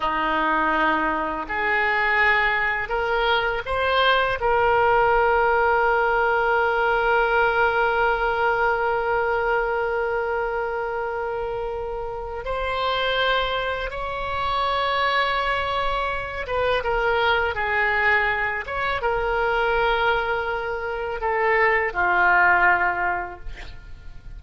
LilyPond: \new Staff \with { instrumentName = "oboe" } { \time 4/4 \tempo 4 = 82 dis'2 gis'2 | ais'4 c''4 ais'2~ | ais'1~ | ais'1~ |
ais'4 c''2 cis''4~ | cis''2~ cis''8 b'8 ais'4 | gis'4. cis''8 ais'2~ | ais'4 a'4 f'2 | }